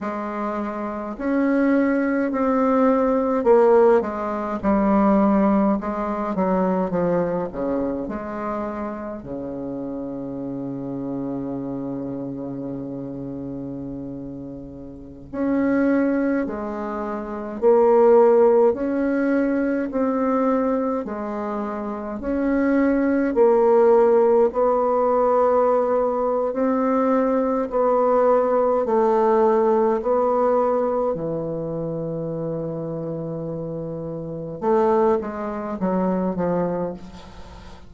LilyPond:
\new Staff \with { instrumentName = "bassoon" } { \time 4/4 \tempo 4 = 52 gis4 cis'4 c'4 ais8 gis8 | g4 gis8 fis8 f8 cis8 gis4 | cis1~ | cis4~ cis16 cis'4 gis4 ais8.~ |
ais16 cis'4 c'4 gis4 cis'8.~ | cis'16 ais4 b4.~ b16 c'4 | b4 a4 b4 e4~ | e2 a8 gis8 fis8 f8 | }